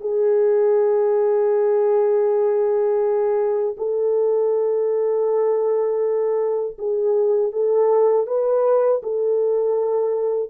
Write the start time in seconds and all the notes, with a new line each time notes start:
0.00 G#4
3.77 A4
6.78 G#4
7.52 A4
8.26 B4
9.03 A4